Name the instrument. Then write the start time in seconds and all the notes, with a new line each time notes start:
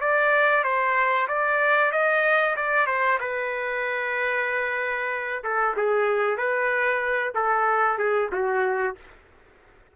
trumpet
0.00 D5
0.64 C5
1.28 D5
1.91 D#5
2.56 D5
2.86 C5
3.20 B4
5.44 A4
5.76 G#4
6.37 B4
7.34 A4
7.98 G#4
8.32 F#4